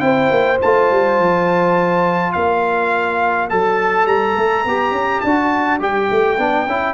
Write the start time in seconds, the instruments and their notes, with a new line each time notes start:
0.00 tuba C4, trombone E4, horn C5, trumpet G5
0.31 tuba A#3
0.62 tuba A3, trombone F4, trumpet A5
0.91 tuba G3
1.19 tuba F3
2.33 tuba A#3, horn D5, trumpet F5
3.50 tuba F#3, trombone A4, trumpet A5
4.06 tuba G3, trumpet A#5
4.37 tuba A3
4.65 tuba B3, trombone G4
4.92 tuba C#4
5.21 tuba D4, trombone F#4, trumpet A5
5.80 tuba G3, trombone G4, trumpet G5
6.11 tuba A3
6.38 tuba B3, trombone D4
6.67 tuba C#4, trombone E4